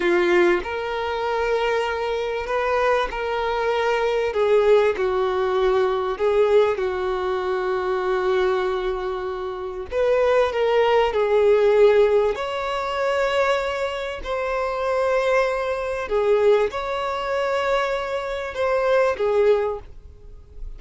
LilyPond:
\new Staff \with { instrumentName = "violin" } { \time 4/4 \tempo 4 = 97 f'4 ais'2. | b'4 ais'2 gis'4 | fis'2 gis'4 fis'4~ | fis'1 |
b'4 ais'4 gis'2 | cis''2. c''4~ | c''2 gis'4 cis''4~ | cis''2 c''4 gis'4 | }